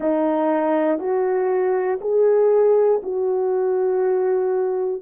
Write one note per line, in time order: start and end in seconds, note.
0.00 0.99 D#4
0.99 1.99 F#4
2.00 3.00 G#4
3.02 5.02 F#4